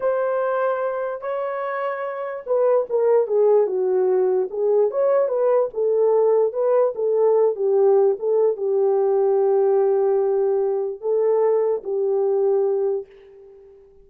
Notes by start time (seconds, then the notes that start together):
0.00 C5
1.21 C#5
2.46 B4
2.89 A#4
3.27 G#4
3.66 F#4
4.50 G#4
4.91 C#5
5.28 B4
5.73 A4
6.53 B4
6.95 A4
7.55 G4
8.19 A4
8.56 G4
11.01 A4
11.83 G4